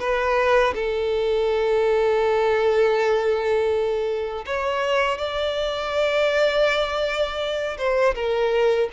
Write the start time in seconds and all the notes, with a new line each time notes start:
0.00 B4
0.75 A4
4.46 C#5
5.19 D5
7.78 C5
8.15 A#4